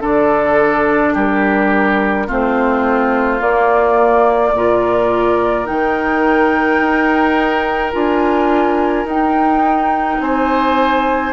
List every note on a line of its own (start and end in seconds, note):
0.00 1.13 D3
0.00 2.28 D4
0.00 1.14 A4
0.00 1.16 D5
1.14 2.29 G3
1.14 2.27 G4
1.14 2.31 A#4
2.27 3.41 A3
2.27 3.39 C4
2.27 4.54 F4
2.27 3.42 C5
3.39 4.52 A#3
3.39 4.54 A#3
3.39 5.67 D5
4.54 5.67 A#2
4.54 5.66 F4
4.54 10.22 A#4
5.66 6.80 D#3
5.66 7.92 D#4
5.66 7.93 G5
6.80 7.93 D#4
7.92 9.05 D4
7.92 9.06 F4
7.92 9.08 G#5
9.05 10.18 D#4
9.05 11.34 D#4
9.05 10.22 G5
10.21 11.34 C4
10.21 11.34 C5
10.21 11.34 G#5